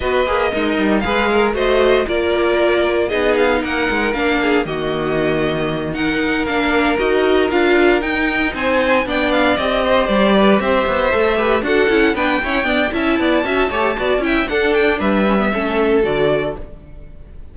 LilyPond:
<<
  \new Staff \with { instrumentName = "violin" } { \time 4/4 \tempo 4 = 116 dis''2 f''4 dis''4 | d''2 dis''8 f''8 fis''4 | f''4 dis''2~ dis''8 fis''8~ | fis''8 f''4 dis''4 f''4 g''8~ |
g''8 gis''4 g''8 f''8 dis''4 d''8~ | d''8 e''2 fis''4 g''8~ | g''4 a''2~ a''8 g''8 | fis''8 g''8 e''2 d''4 | }
  \new Staff \with { instrumentName = "violin" } { \time 4/4 b'4 dis'4 b'8 ais'8 c''4 | ais'2 gis'4 ais'4~ | ais'8 gis'8 fis'2~ fis'8 ais'8~ | ais'1~ |
ais'8 c''4 d''4. c''4 | b'8 c''4. b'8 a'4 b'8 | cis''8 d''8 e''8 d''8 e''8 cis''8 d''8 e''8 | a'4 b'4 a'2 | }
  \new Staff \with { instrumentName = "viola" } { \time 4/4 fis'8 gis'8 ais'4 gis'4 fis'4 | f'2 dis'2 | d'4 ais2~ ais8 dis'8~ | dis'8 d'4 fis'4 f'4 dis'8~ |
dis'4. d'4 g'4.~ | g'4. a'8 g'8 fis'8 e'8 d'8 | cis'8 b8 e'4 fis'8 g'8 fis'8 e'8 | d'4. cis'16 b16 cis'4 fis'4 | }
  \new Staff \with { instrumentName = "cello" } { \time 4/4 b8 ais8 gis8 g8 gis4 a4 | ais2 b4 ais8 gis8 | ais4 dis2.~ | dis8 ais4 dis'4 d'4 dis'8~ |
dis'8 c'4 b4 c'4 g8~ | g8 c'8 b8 a4 d'8 cis'8 b8 | e'8 d'8 cis'8 b8 cis'8 a8 b8 cis'8 | d'4 g4 a4 d4 | }
>>